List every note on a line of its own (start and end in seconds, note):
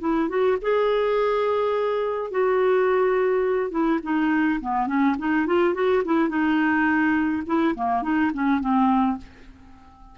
0.00 0.29 E4
0.29 0.57 F#4
0.61 2.31 G#4
2.31 3.71 F#4
3.71 3.99 E4
4.03 4.60 D#4
4.61 4.87 B3
4.87 5.15 C#4
5.18 5.46 D#4
5.46 5.74 F4
5.74 6.03 F#4
6.05 6.29 E4
6.29 7.43 D#4
7.46 7.75 E4
7.75 8.02 A#3
8.02 8.31 D#4
8.34 8.60 C#4
8.60 9.17 C4